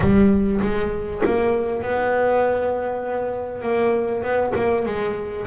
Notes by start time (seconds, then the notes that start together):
0.00 G3
0.61 G#3
1.25 A#3
1.82 B3
3.62 A#3
4.22 B3
4.55 A#3
4.85 G#3